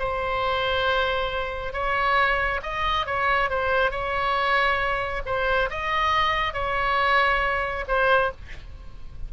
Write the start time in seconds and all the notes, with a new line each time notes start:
0.00 C5
1.73 C#5
2.63 D#5
3.07 C#5
3.50 C5
3.91 C#5
5.26 C5
5.71 D#5
6.54 C#5
7.88 C5